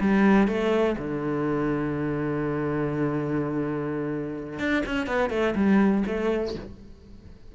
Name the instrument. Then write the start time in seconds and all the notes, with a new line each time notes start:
cello
0.00 G3
0.48 A3
0.98 D3
4.59 D4
4.86 C#4
5.07 B3
5.30 A3
5.55 G3
6.07 A3